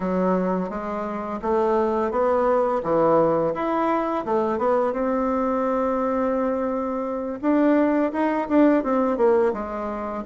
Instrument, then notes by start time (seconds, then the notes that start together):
bassoon
0.00 F#3
0.69 G#3
1.42 A3
2.11 B3
2.83 E3
3.54 E4
4.25 A3
4.58 B3
4.92 C4
7.41 D4
8.12 D#4
8.48 D4
8.83 C4
9.17 A#3
9.53 G#3